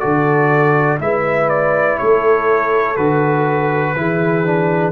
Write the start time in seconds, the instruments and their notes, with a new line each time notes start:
0.00 tuba D3, trombone F#4, horn A4, trumpet D5
0.99 tuba G#3, trombone E4, horn B4, trumpet E5
1.49 trumpet D5
1.98 tuba A3, horn A4, trumpet C#5
2.96 tuba D3, trombone F#4, trumpet B4
3.96 tuba E3, trombone E4, horn G#4
4.45 trombone D4